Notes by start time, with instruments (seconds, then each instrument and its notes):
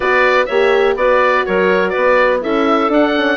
0.00 bassoon B3, horn F#4, clarinet B4, oboe D5
0.45 bassoon A#3, horn G4, clarinet C#5, oboe E5
0.95 bassoon B3, horn F#4, clarinet B4, oboe D5
1.45 bassoon F#3, clarinet A#4, oboe C#5
1.89 clarinet B4, oboe D5
1.95 bassoon B3
2.41 bassoon C#4, horn E4, clarinet A4, oboe E5
2.89 horn D4, bassoon D4, oboe F#5
3.16 horn C#4